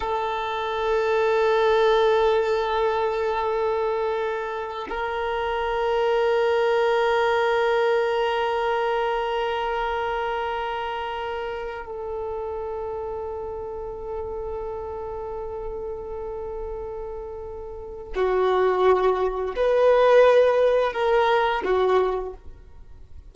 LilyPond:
\new Staff \with { instrumentName = "violin" } { \time 4/4 \tempo 4 = 86 a'1~ | a'2. ais'4~ | ais'1~ | ais'1~ |
ais'4 a'2.~ | a'1~ | a'2 fis'2 | b'2 ais'4 fis'4 | }